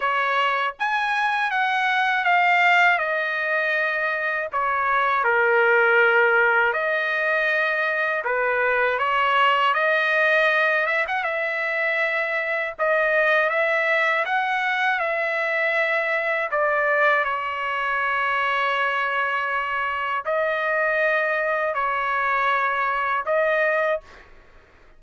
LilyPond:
\new Staff \with { instrumentName = "trumpet" } { \time 4/4 \tempo 4 = 80 cis''4 gis''4 fis''4 f''4 | dis''2 cis''4 ais'4~ | ais'4 dis''2 b'4 | cis''4 dis''4. e''16 fis''16 e''4~ |
e''4 dis''4 e''4 fis''4 | e''2 d''4 cis''4~ | cis''2. dis''4~ | dis''4 cis''2 dis''4 | }